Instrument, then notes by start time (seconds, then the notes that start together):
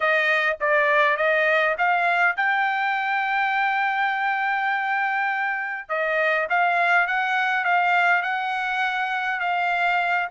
trumpet
0.00 D#5
0.60 D5
1.16 D#5
1.78 F5
2.36 G5
5.88 D#5
6.49 F5
7.07 F#5
7.64 F5
8.22 F#5
9.40 F5